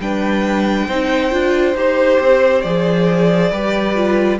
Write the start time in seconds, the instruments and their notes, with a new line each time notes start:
0.00 cello G3, viola D4, violin B4 G5
0.87 cello C4, viola D#4, violin C5
1.31 cello D4, viola F4
1.75 cello D#4, viola G4, violin C5
2.20 cello C4
2.62 cello F3, viola G#4, violin D5
3.51 cello G3, viola G4, violin B4
3.96 viola F4